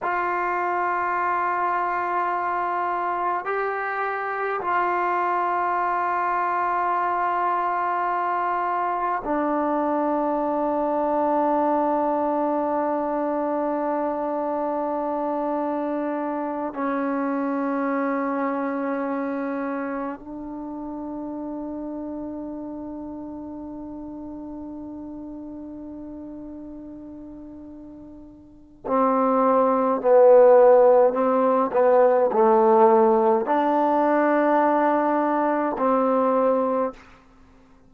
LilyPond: \new Staff \with { instrumentName = "trombone" } { \time 4/4 \tempo 4 = 52 f'2. g'4 | f'1 | d'1~ | d'2~ d'8 cis'4.~ |
cis'4. d'2~ d'8~ | d'1~ | d'4 c'4 b4 c'8 b8 | a4 d'2 c'4 | }